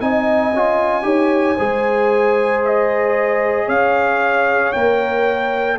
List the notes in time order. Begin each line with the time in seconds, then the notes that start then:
0.00 C4 D#4 D#5 G#5
0.53 C#4 F4
1.02 D#4 G4 C#5
1.56 G#3 G#4 C5
2.65 D#5
3.66 C#4 C#5 F5
4.72 A#3 A#4 G5